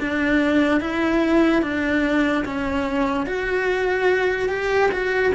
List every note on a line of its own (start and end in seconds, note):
0.00 0.81 D4
0.81 1.62 E4
1.62 2.44 D4
2.45 3.26 C#4
3.26 4.49 F#4
4.49 4.91 G4
4.92 5.33 F#4